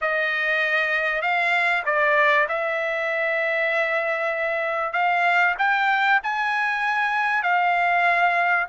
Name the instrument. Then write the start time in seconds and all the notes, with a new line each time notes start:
trumpet
0.01 D#5
1.21 F5
1.85 D5
2.48 E5
4.92 F5
5.58 G5
6.23 G#5
7.42 F5